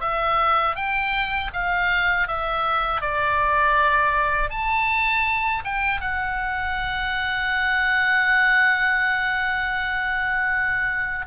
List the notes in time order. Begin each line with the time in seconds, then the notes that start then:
0.00 E5
0.75 G5
1.53 F5
2.27 E5
3.01 D5
4.50 A5
5.64 G5
6.00 F#5